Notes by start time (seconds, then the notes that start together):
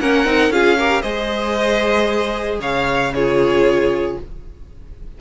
0.00 A#3 C#4 A#4 F#5
0.25 C4 D#4
0.49 C#4 F4 G#4 F5
0.78 G4 A#4
1.01 G#3 G#4 C5 D#5
2.59 C#3 C#5 F5
3.13 F4 G#4 C#5